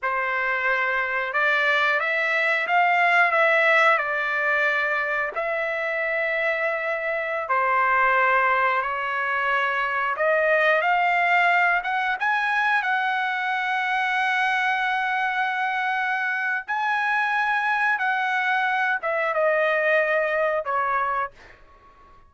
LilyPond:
\new Staff \with { instrumentName = "trumpet" } { \time 4/4 \tempo 4 = 90 c''2 d''4 e''4 | f''4 e''4 d''2 | e''2.~ e''16 c''8.~ | c''4~ c''16 cis''2 dis''8.~ |
dis''16 f''4. fis''8 gis''4 fis''8.~ | fis''1~ | fis''4 gis''2 fis''4~ | fis''8 e''8 dis''2 cis''4 | }